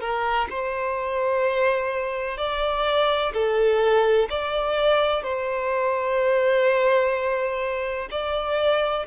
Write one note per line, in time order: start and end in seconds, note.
0.00 0.48 A#4
0.50 2.37 C5
2.37 3.32 D5
3.33 4.29 A4
4.30 5.23 D5
5.23 8.08 C5
8.11 9.06 D5